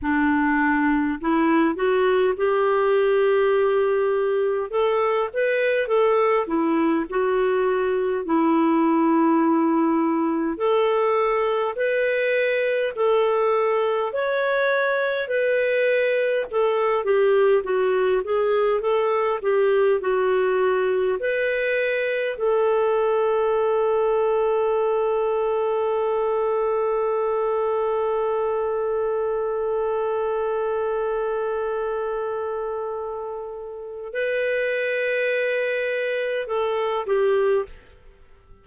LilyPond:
\new Staff \with { instrumentName = "clarinet" } { \time 4/4 \tempo 4 = 51 d'4 e'8 fis'8 g'2 | a'8 b'8 a'8 e'8 fis'4 e'4~ | e'4 a'4 b'4 a'4 | cis''4 b'4 a'8 g'8 fis'8 gis'8 |
a'8 g'8 fis'4 b'4 a'4~ | a'1~ | a'1~ | a'4 b'2 a'8 g'8 | }